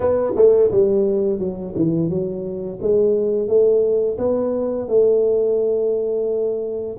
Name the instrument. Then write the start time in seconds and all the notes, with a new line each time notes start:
tuba
0.00 B3
0.36 A3
0.71 G3
1.39 F#3
1.75 E3
2.09 F#3
2.81 G#3
3.48 A3
4.18 B3
4.87 A3